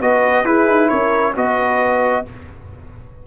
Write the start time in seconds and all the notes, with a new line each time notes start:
0.00 B3 F#4 B4 D#5
0.44 E4 G#4 B4
0.67 D#4
0.88 C#4 A#4 C#5
1.35 B3 F#4 B4 D#5